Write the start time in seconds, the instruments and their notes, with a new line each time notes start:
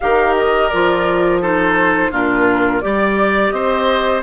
0.00 bassoon D#3, clarinet G4, oboe A#4, flute F5
0.37 flute D#5
0.68 bassoon F3, clarinet F4, flute D5
1.41 clarinet D#4, oboe A4, flute C5
2.11 bassoon A#2, clarinet D4, oboe F4, flute A#4
2.80 bassoon G3, clarinet G4, flute D5, oboe D5
3.50 bassoon C4, oboe C5, flute D#5